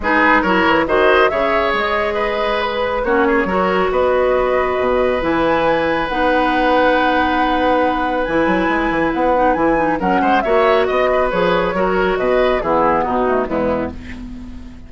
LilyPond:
<<
  \new Staff \with { instrumentName = "flute" } { \time 4/4 \tempo 4 = 138 b'4 cis''4 dis''4 e''4 | dis''2 b'4 cis''4~ | cis''4 dis''2. | gis''2 fis''2~ |
fis''2. gis''4~ | gis''4 fis''4 gis''4 fis''4 | e''4 dis''4 cis''2 | dis''4 gis'4 fis'4 e'4 | }
  \new Staff \with { instrumentName = "oboe" } { \time 4/4 gis'4 ais'4 c''4 cis''4~ | cis''4 b'2 fis'8 gis'8 | ais'4 b'2.~ | b'1~ |
b'1~ | b'2. ais'8 c''8 | cis''4 dis''8 b'4. ais'4 | b'4 e'4 dis'4 b4 | }
  \new Staff \with { instrumentName = "clarinet" } { \time 4/4 dis'4 e'4 fis'4 gis'4~ | gis'2. cis'4 | fis'1 | e'2 dis'2~ |
dis'2. e'4~ | e'4. dis'8 e'8 dis'8 cis'4 | fis'2 gis'4 fis'4~ | fis'4 b4. a8 gis4 | }
  \new Staff \with { instrumentName = "bassoon" } { \time 4/4 gis4 fis8 e8 dis4 cis4 | gis2. ais4 | fis4 b2 b,4 | e2 b2~ |
b2. e8 fis8 | gis8 e8 b4 e4 fis8 gis8 | ais4 b4 f4 fis4 | b,4 e4 b,4 e,4 | }
>>